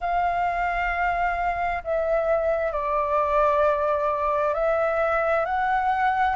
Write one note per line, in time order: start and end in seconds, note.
0.00 1.82 F5
1.83 2.71 E5
2.71 4.53 D5
4.54 5.45 E5
5.45 6.36 F#5